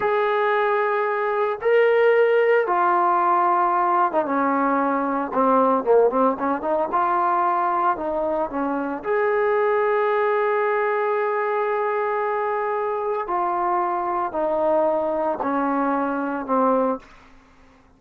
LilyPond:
\new Staff \with { instrumentName = "trombone" } { \time 4/4 \tempo 4 = 113 gis'2. ais'4~ | ais'4 f'2~ f'8. dis'16 | cis'2 c'4 ais8 c'8 | cis'8 dis'8 f'2 dis'4 |
cis'4 gis'2.~ | gis'1~ | gis'4 f'2 dis'4~ | dis'4 cis'2 c'4 | }